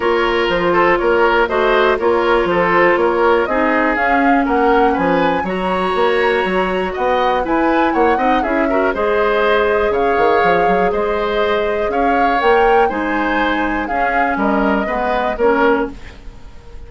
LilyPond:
<<
  \new Staff \with { instrumentName = "flute" } { \time 4/4 \tempo 4 = 121 cis''4 c''4 cis''4 dis''4 | cis''4 c''4 cis''4 dis''4 | f''4 fis''4 gis''4 ais''4~ | ais''2 fis''4 gis''4 |
fis''4 e''4 dis''2 | f''2 dis''2 | f''4 g''4 gis''2 | f''4 dis''2 cis''4 | }
  \new Staff \with { instrumentName = "oboe" } { \time 4/4 ais'4. a'8 ais'4 c''4 | ais'4 a'4 ais'4 gis'4~ | gis'4 ais'4 b'4 cis''4~ | cis''2 dis''4 b'4 |
cis''8 dis''8 gis'8 ais'8 c''2 | cis''2 c''2 | cis''2 c''2 | gis'4 ais'4 b'4 ais'4 | }
  \new Staff \with { instrumentName = "clarinet" } { \time 4/4 f'2. fis'4 | f'2. dis'4 | cis'2. fis'4~ | fis'2. e'4~ |
e'8 dis'8 e'8 fis'8 gis'2~ | gis'1~ | gis'4 ais'4 dis'2 | cis'2 b4 cis'4 | }
  \new Staff \with { instrumentName = "bassoon" } { \time 4/4 ais4 f4 ais4 a4 | ais4 f4 ais4 c'4 | cis'4 ais4 f4 fis4 | ais4 fis4 b4 e'4 |
ais8 c'8 cis'4 gis2 | cis8 dis8 f8 fis8 gis2 | cis'4 ais4 gis2 | cis'4 g4 gis4 ais4 | }
>>